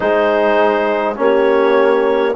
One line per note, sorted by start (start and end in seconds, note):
0.00 1.18 G#3
0.00 1.15 D#4
0.00 1.19 G#4
0.00 1.16 C5
1.15 2.35 A#3
1.15 2.33 C#4
1.15 2.35 G4
1.15 2.35 C#5